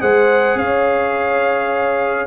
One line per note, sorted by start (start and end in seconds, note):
0.00 0.55 G#3
0.00 2.27 G#4
0.00 0.59 C5
0.00 0.58 F#5
0.55 2.27 C#4
0.55 2.27 C#5
0.55 2.27 F5